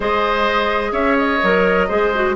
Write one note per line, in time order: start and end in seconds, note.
0.00 0.91 G#3
0.00 1.40 G#4
0.00 0.91 C5
0.00 0.92 D#5
0.91 1.39 C#4
0.91 1.86 C#5
0.91 1.16 E5
1.17 2.35 D#5
1.43 1.90 F#3
1.43 1.89 A#4
1.87 2.35 G#3
1.87 2.12 G#4
1.87 2.35 C5
2.14 2.35 F#4